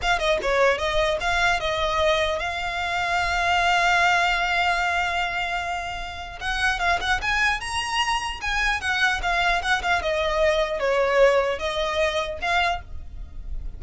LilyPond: \new Staff \with { instrumentName = "violin" } { \time 4/4 \tempo 4 = 150 f''8 dis''8 cis''4 dis''4 f''4 | dis''2 f''2~ | f''1~ | f''1 |
fis''4 f''8 fis''8 gis''4 ais''4~ | ais''4 gis''4 fis''4 f''4 | fis''8 f''8 dis''2 cis''4~ | cis''4 dis''2 f''4 | }